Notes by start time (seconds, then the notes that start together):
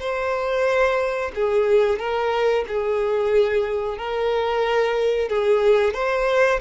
0.00 C5
1.35 G#4
1.99 A#4
2.68 G#4
3.98 A#4
5.29 G#4
5.94 C5